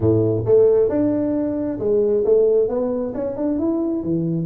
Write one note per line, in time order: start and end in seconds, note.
0.00 0.45 A2
0.45 0.89 A3
0.89 1.78 D4
1.79 2.24 G#3
2.24 2.68 A3
2.68 3.13 B3
3.14 3.36 C#4
3.36 3.58 D4
3.58 4.03 E4
4.03 4.46 E3